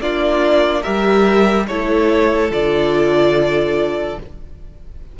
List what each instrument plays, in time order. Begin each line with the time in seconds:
0.00 cello A#3, viola D4, violin F4 D5
0.82 cello G3, viola G4, violin A#4 E5
1.67 cello A3, viola E4, violin A4 C#5
2.51 cello D3, viola F4, violin D5